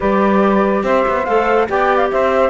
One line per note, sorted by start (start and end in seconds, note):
0.00 0.83 G3
0.00 1.23 G4
0.00 0.83 B4
0.00 0.84 D5
0.83 1.04 C4
0.83 1.67 C5
0.83 1.25 E5
1.08 1.26 B3
1.25 1.68 A3
1.25 1.67 A4
1.25 1.67 F5
1.67 2.11 B3
1.67 2.50 G4
1.67 2.11 D5
1.67 1.97 G5
1.97 2.07 F5
2.11 2.50 C4
2.11 2.50 C5
2.11 2.50 E5